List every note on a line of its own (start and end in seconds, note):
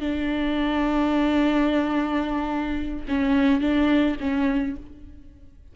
0.00 3.06 D4
3.08 3.61 C#4
3.61 4.16 D4
4.20 4.76 C#4